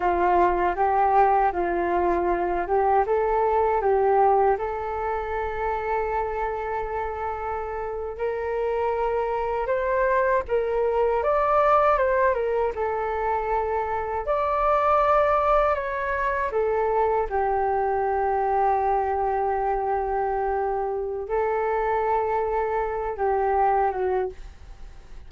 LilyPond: \new Staff \with { instrumentName = "flute" } { \time 4/4 \tempo 4 = 79 f'4 g'4 f'4. g'8 | a'4 g'4 a'2~ | a'2~ a'8. ais'4~ ais'16~ | ais'8. c''4 ais'4 d''4 c''16~ |
c''16 ais'8 a'2 d''4~ d''16~ | d''8. cis''4 a'4 g'4~ g'16~ | g'1 | a'2~ a'8 g'4 fis'8 | }